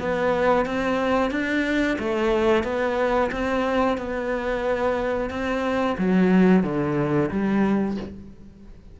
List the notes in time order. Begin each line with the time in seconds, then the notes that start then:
0.00 B3
0.66 C4
1.31 D4
1.99 A3
2.64 B3
3.32 C4
3.98 B3
5.30 C4
5.98 F#3
6.64 D3
7.31 G3